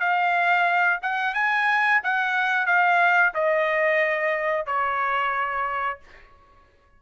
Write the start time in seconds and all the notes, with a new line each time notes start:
0.00 F5
1.02 F#5
1.34 G#5
2.04 F#5
2.66 F5
3.34 D#5
4.66 C#5